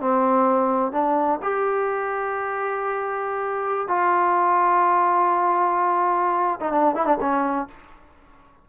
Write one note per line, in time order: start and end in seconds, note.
0.00 0.92 C4
0.92 1.39 D4
1.42 3.88 G4
3.88 6.59 F4
6.60 6.72 D#4
6.72 6.95 D4
6.95 7.06 E4
7.06 7.17 D4
7.20 7.68 C#4